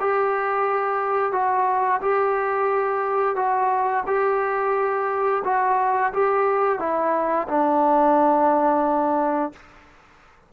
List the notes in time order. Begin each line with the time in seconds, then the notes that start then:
0.00 G4
1.33 F#4
2.01 G4
3.36 F#4
4.07 G4
5.45 F#4
6.13 G4
6.79 E4
7.48 D4